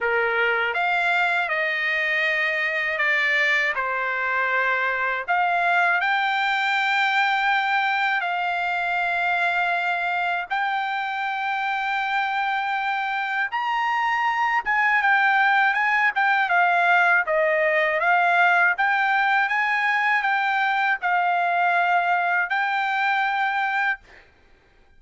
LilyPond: \new Staff \with { instrumentName = "trumpet" } { \time 4/4 \tempo 4 = 80 ais'4 f''4 dis''2 | d''4 c''2 f''4 | g''2. f''4~ | f''2 g''2~ |
g''2 ais''4. gis''8 | g''4 gis''8 g''8 f''4 dis''4 | f''4 g''4 gis''4 g''4 | f''2 g''2 | }